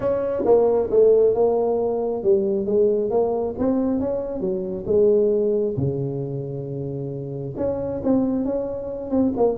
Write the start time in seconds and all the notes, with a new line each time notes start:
0.00 C#4
0.45 A#3
0.90 A3
1.34 A#3
2.23 G3
2.66 G#3
3.10 A#3
3.58 C4
4.00 C#4
4.40 F#3
4.86 G#3
5.76 C#3
7.56 C#4
8.03 C4
8.45 C#4
9.10 C4
9.36 A#3